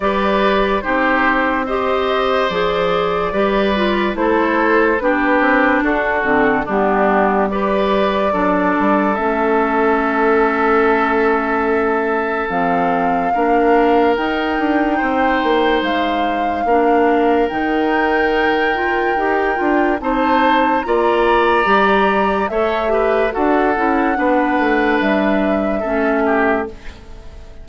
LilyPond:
<<
  \new Staff \with { instrumentName = "flute" } { \time 4/4 \tempo 4 = 72 d''4 c''4 dis''4 d''4~ | d''4 c''4 b'4 a'4 | g'4 d''2 e''4~ | e''2. f''4~ |
f''4 g''2 f''4~ | f''4 g''2. | a''4 ais''2 e''4 | fis''2 e''2 | }
  \new Staff \with { instrumentName = "oboe" } { \time 4/4 b'4 g'4 c''2 | b'4 a'4 g'4 fis'4 | d'4 b'4 a'2~ | a'1 |
ais'2 c''2 | ais'1 | c''4 d''2 cis''8 b'8 | a'4 b'2 a'8 g'8 | }
  \new Staff \with { instrumentName = "clarinet" } { \time 4/4 g'4 dis'4 g'4 gis'4 | g'8 f'8 e'4 d'4. c'8 | b4 g'4 d'4 cis'4~ | cis'2. c'4 |
d'4 dis'2. | d'4 dis'4. f'8 g'8 f'8 | dis'4 f'4 g'4 a'8 g'8 | fis'8 e'8 d'2 cis'4 | }
  \new Staff \with { instrumentName = "bassoon" } { \time 4/4 g4 c'2 f4 | g4 a4 b8 c'8 d'8 d8 | g2 fis8 g8 a4~ | a2. f4 |
ais4 dis'8 d'8 c'8 ais8 gis4 | ais4 dis2 dis'8 d'8 | c'4 ais4 g4 a4 | d'8 cis'8 b8 a8 g4 a4 | }
>>